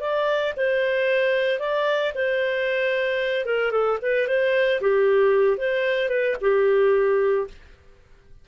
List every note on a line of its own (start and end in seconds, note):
0.00 0.53 D5
0.56 1.59 C5
1.59 2.12 D5
2.14 3.45 C5
3.45 3.71 A#4
3.71 3.98 A4
4.01 4.27 B4
4.27 4.80 C5
4.81 5.57 G4
5.57 6.09 C5
6.09 6.35 B4
6.41 7.47 G4